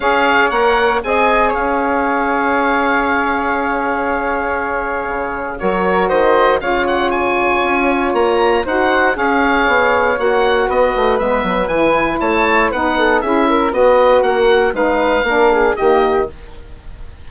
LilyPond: <<
  \new Staff \with { instrumentName = "oboe" } { \time 4/4 \tempo 4 = 118 f''4 fis''4 gis''4 f''4~ | f''1~ | f''2. cis''4 | dis''4 f''8 fis''8 gis''2 |
ais''4 fis''4 f''2 | fis''4 dis''4 e''4 gis''4 | a''4 fis''4 e''4 dis''4 | fis''4 f''2 dis''4 | }
  \new Staff \with { instrumentName = "flute" } { \time 4/4 cis''2 dis''4 cis''4~ | cis''1~ | cis''2. ais'4 | c''4 cis''2.~ |
cis''4 c''4 cis''2~ | cis''4 b'2. | cis''4 b'8 a'8 gis'8 ais'8 b'4 | ais'4 b'4 ais'8 gis'8 g'4 | }
  \new Staff \with { instrumentName = "saxophone" } { \time 4/4 gis'4 ais'4 gis'2~ | gis'1~ | gis'2. fis'4~ | fis'4 f'2.~ |
f'4 fis'4 gis'2 | fis'2 b4 e'4~ | e'4 dis'4 e'4 fis'4~ | fis'4 dis'4 d'4 ais4 | }
  \new Staff \with { instrumentName = "bassoon" } { \time 4/4 cis'4 ais4 c'4 cis'4~ | cis'1~ | cis'2 cis4 fis4 | dis4 cis2 cis'4 |
ais4 dis'4 cis'4 b4 | ais4 b8 a8 gis8 fis8 e4 | a4 b4 cis'4 b4 | ais4 gis4 ais4 dis4 | }
>>